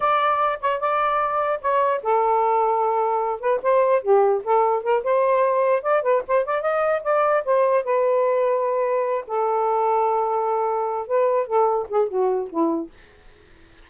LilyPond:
\new Staff \with { instrumentName = "saxophone" } { \time 4/4 \tempo 4 = 149 d''4. cis''8 d''2 | cis''4 a'2.~ | a'8 b'8 c''4 g'4 a'4 | ais'8 c''2 d''8 b'8 c''8 |
d''8 dis''4 d''4 c''4 b'8~ | b'2. a'4~ | a'2.~ a'8 b'8~ | b'8 a'4 gis'8 fis'4 e'4 | }